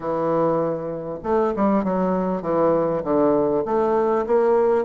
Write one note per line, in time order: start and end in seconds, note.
0.00 1.18 E3
1.23 1.53 A3
1.56 1.84 G3
1.84 2.41 F#3
2.41 3.02 E3
3.03 3.64 D3
3.65 4.25 A3
4.26 4.85 A#3